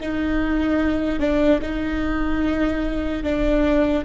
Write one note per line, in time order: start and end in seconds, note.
0.00 1.20 D#4
1.20 1.60 D4
1.62 3.23 D#4
3.23 4.04 D4